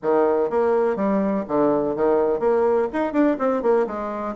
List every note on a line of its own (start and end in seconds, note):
0.02 0.50 D#3
0.50 0.96 A#3
0.96 1.44 G3
1.48 1.95 D3
1.95 2.39 D#3
2.39 2.88 A#3
2.92 3.12 D#4
3.12 3.37 D4
3.38 3.62 C4
3.62 3.86 A#3
3.86 4.35 G#3